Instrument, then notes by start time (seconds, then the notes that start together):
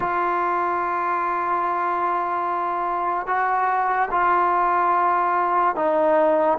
trombone
0.00 F4
3.27 F#4
4.11 F4
5.75 D#4